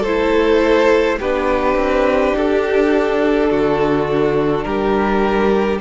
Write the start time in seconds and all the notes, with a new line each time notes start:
0.00 A3 A4 C5
0.06 E4
1.19 B3 D4 G4 B4
1.75 C4
2.36 D4 A4
3.50 D3 F#4
4.63 G3 G4 A#4